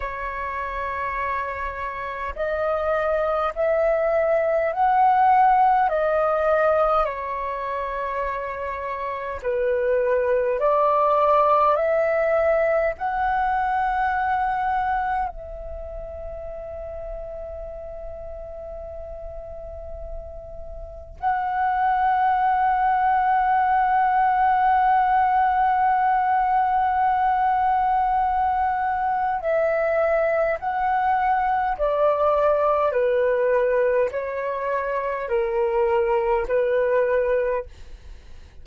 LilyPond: \new Staff \with { instrumentName = "flute" } { \time 4/4 \tempo 4 = 51 cis''2 dis''4 e''4 | fis''4 dis''4 cis''2 | b'4 d''4 e''4 fis''4~ | fis''4 e''2.~ |
e''2 fis''2~ | fis''1~ | fis''4 e''4 fis''4 d''4 | b'4 cis''4 ais'4 b'4 | }